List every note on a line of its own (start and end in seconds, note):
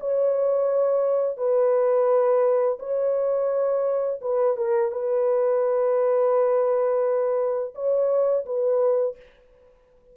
0.00 1.37 C#5
1.37 2.78 B4
2.79 4.20 C#5
4.21 4.57 B4
4.57 4.92 A#4
4.92 7.74 B4
7.75 8.45 C#5
8.45 9.16 B4